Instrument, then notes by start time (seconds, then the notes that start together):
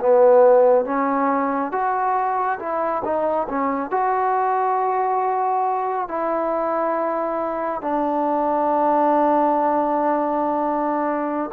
trombone
0.00 B3
0.86 C#4
1.72 F#4
2.60 E4
3.04 D#4
3.49 C#4
3.91 F#4
6.08 E4
7.82 D4